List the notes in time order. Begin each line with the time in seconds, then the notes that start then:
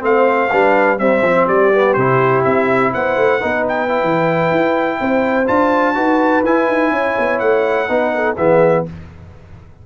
0.00 A3 C4 C5 F5
0.51 G3 D4 B4
0.99 G3 C4 C5 E5
1.23 F3 C4
1.48 G3 G4 D5
1.74 B3
1.94 C3 E4 C5
2.44 C4 E5
2.94 B3 C5 F#5
3.17 A3
3.41 B3 D#4 B4
3.68 G5
3.88 E4
4.03 E3
4.51 E4
5.01 C4 C5
5.47 D4 F4 A5
5.95 D#4 F#4 B4
6.43 E4 G#5
6.68 D#4
6.91 C#4 C#5
7.18 B3
7.39 A3 F#5
7.88 B3 D#4 B4
8.14 A4
8.37 E3 B3 G#4 E5